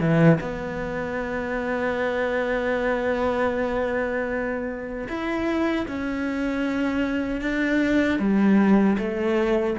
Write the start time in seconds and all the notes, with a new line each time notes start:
0.00 E3
0.40 B3
5.08 E4
5.87 C#4
7.41 D4
8.19 G3
8.98 A3